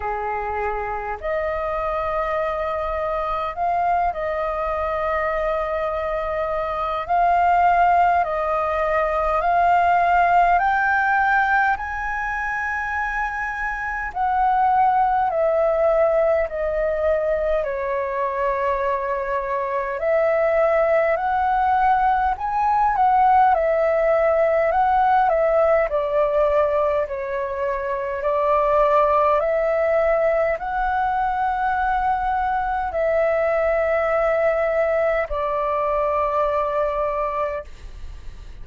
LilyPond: \new Staff \with { instrumentName = "flute" } { \time 4/4 \tempo 4 = 51 gis'4 dis''2 f''8 dis''8~ | dis''2 f''4 dis''4 | f''4 g''4 gis''2 | fis''4 e''4 dis''4 cis''4~ |
cis''4 e''4 fis''4 gis''8 fis''8 | e''4 fis''8 e''8 d''4 cis''4 | d''4 e''4 fis''2 | e''2 d''2 | }